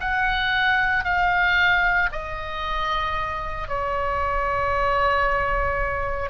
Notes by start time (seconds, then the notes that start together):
0.00 F#5
1.04 F5
2.12 D#5
3.67 C#5